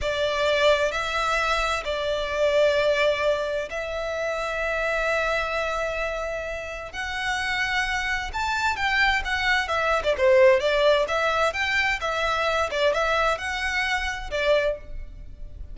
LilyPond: \new Staff \with { instrumentName = "violin" } { \time 4/4 \tempo 4 = 130 d''2 e''2 | d''1 | e''1~ | e''2. fis''4~ |
fis''2 a''4 g''4 | fis''4 e''8. d''16 c''4 d''4 | e''4 g''4 e''4. d''8 | e''4 fis''2 d''4 | }